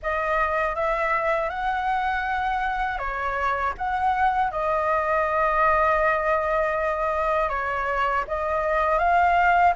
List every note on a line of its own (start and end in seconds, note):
0.02 0.75 D#5
0.75 1.49 E5
1.49 2.98 F#5
2.98 3.73 C#5
3.77 4.51 F#5
4.51 7.49 D#5
7.49 8.24 C#5
8.27 8.98 D#5
8.98 9.73 F5